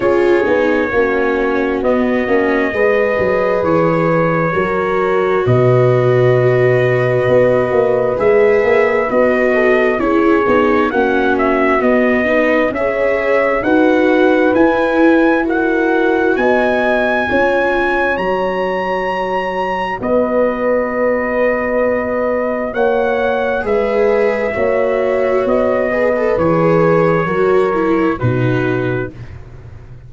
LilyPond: <<
  \new Staff \with { instrumentName = "trumpet" } { \time 4/4 \tempo 4 = 66 cis''2 dis''2 | cis''2 dis''2~ | dis''4 e''4 dis''4 cis''4 | fis''8 e''8 dis''4 e''4 fis''4 |
gis''4 fis''4 gis''2 | ais''2 dis''2~ | dis''4 fis''4 e''2 | dis''4 cis''2 b'4 | }
  \new Staff \with { instrumentName = "horn" } { \time 4/4 gis'4 fis'2 b'4~ | b'4 ais'4 b'2~ | b'2~ b'8 a'8 gis'4 | fis'4. b'8 cis''4 b'4~ |
b'4 ais'4 dis''4 cis''4~ | cis''2 b'2~ | b'4 cis''4 b'4 cis''4~ | cis''8 b'4. ais'4 fis'4 | }
  \new Staff \with { instrumentName = "viola" } { \time 4/4 f'8 dis'8 cis'4 b8 cis'8 gis'4~ | gis'4 fis'2.~ | fis'4 gis'4 fis'4 e'8 dis'8 | cis'4 b8 dis'8 gis'4 fis'4 |
e'4 fis'2 f'4 | fis'1~ | fis'2 gis'4 fis'4~ | fis'8 gis'16 a'16 gis'4 fis'8 e'8 dis'4 | }
  \new Staff \with { instrumentName = "tuba" } { \time 4/4 cis'8 b8 ais4 b8 ais8 gis8 fis8 | e4 fis4 b,2 | b8 ais8 gis8 ais8 b4 cis'8 b8 | ais4 b4 cis'4 dis'4 |
e'2 b4 cis'4 | fis2 b2~ | b4 ais4 gis4 ais4 | b4 e4 fis4 b,4 | }
>>